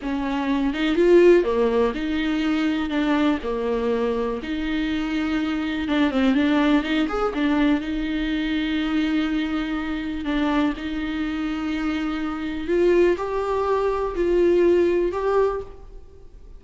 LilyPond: \new Staff \with { instrumentName = "viola" } { \time 4/4 \tempo 4 = 123 cis'4. dis'8 f'4 ais4 | dis'2 d'4 ais4~ | ais4 dis'2. | d'8 c'8 d'4 dis'8 gis'8 d'4 |
dis'1~ | dis'4 d'4 dis'2~ | dis'2 f'4 g'4~ | g'4 f'2 g'4 | }